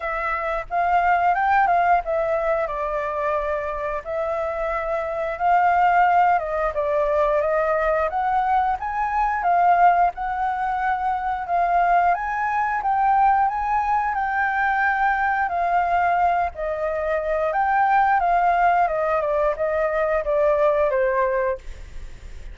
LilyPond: \new Staff \with { instrumentName = "flute" } { \time 4/4 \tempo 4 = 89 e''4 f''4 g''8 f''8 e''4 | d''2 e''2 | f''4. dis''8 d''4 dis''4 | fis''4 gis''4 f''4 fis''4~ |
fis''4 f''4 gis''4 g''4 | gis''4 g''2 f''4~ | f''8 dis''4. g''4 f''4 | dis''8 d''8 dis''4 d''4 c''4 | }